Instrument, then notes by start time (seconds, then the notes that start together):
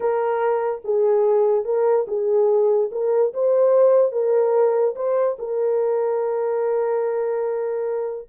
horn
0.00 A#4
0.84 G#4
1.64 A#4
2.07 G#4
2.91 A#4
3.33 C5
4.12 A#4
4.95 C5
5.38 A#4